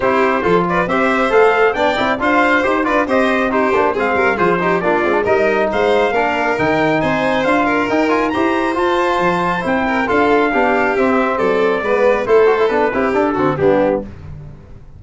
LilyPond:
<<
  \new Staff \with { instrumentName = "trumpet" } { \time 4/4 \tempo 4 = 137 c''4. d''8 e''4 f''4 | g''4 f''4 c''8 d''8 dis''4 | c''4 f''4 c''4 d''4 | dis''4 f''2 g''4 |
gis''4 f''4 g''8 gis''8 ais''4 | a''2 g''4 f''4~ | f''4 e''4 d''2 | c''4 b'4 a'4 g'4 | }
  \new Staff \with { instrumentName = "violin" } { \time 4/4 g'4 a'8 b'8 c''2 | d''4 c''4. b'8 c''4 | g'4 gis'8 ais'8 gis'8 g'8 f'4 | ais'4 c''4 ais'2 |
c''4. ais'4. c''4~ | c''2~ c''8 ais'8 a'4 | g'2 a'4 b'4 | a'4. g'4 fis'8 d'4 | }
  \new Staff \with { instrumentName = "trombone" } { \time 4/4 e'4 f'4 g'4 a'4 | d'8 e'8 f'4 g'8 f'8 g'4 | dis'8 d'8 c'4 f'8 dis'8 d'8 c'16 d'16 | dis'2 d'4 dis'4~ |
dis'4 f'4 dis'8 f'8 g'4 | f'2 e'4 f'4 | d'4 c'2 b4 | e'8 fis'16 e'16 d'8 e'8 d'8 c'8 b4 | }
  \new Staff \with { instrumentName = "tuba" } { \time 4/4 c'4 f4 c'4 a4 | b8 c'8 d'4 dis'8 d'8 c'4~ | c'8 ais8 gis8 g8 f4 ais8 gis8 | g4 gis4 ais4 dis4 |
c'4 d'4 dis'4 e'4 | f'4 f4 c'4 d'4 | b4 c'4 fis4 gis4 | a4 b8 c'8 d'8 d8 g4 | }
>>